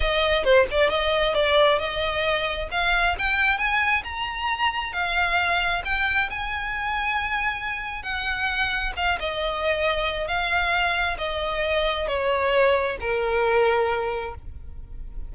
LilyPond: \new Staff \with { instrumentName = "violin" } { \time 4/4 \tempo 4 = 134 dis''4 c''8 d''8 dis''4 d''4 | dis''2 f''4 g''4 | gis''4 ais''2 f''4~ | f''4 g''4 gis''2~ |
gis''2 fis''2 | f''8 dis''2~ dis''8 f''4~ | f''4 dis''2 cis''4~ | cis''4 ais'2. | }